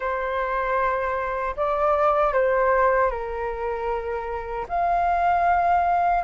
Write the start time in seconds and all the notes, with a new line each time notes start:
0.00 C5
1.56 D5
2.33 C5
3.10 A#4
4.68 F5